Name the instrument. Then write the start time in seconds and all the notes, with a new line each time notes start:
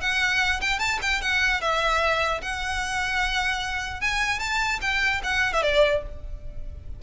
violin
0.00 F#5
0.61 G5
0.79 A5
1.02 G5
1.21 F#5
1.61 E5
2.41 F#5
4.01 G#5
4.39 A5
4.81 G5
5.23 F#5
5.53 E5
5.62 D5